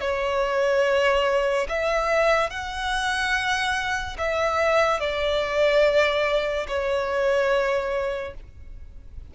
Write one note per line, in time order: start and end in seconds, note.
0.00 1.67 C#5
1.69 2.50 E5
2.50 4.16 F#5
4.18 5.00 E5
5.00 6.67 D5
6.67 8.34 C#5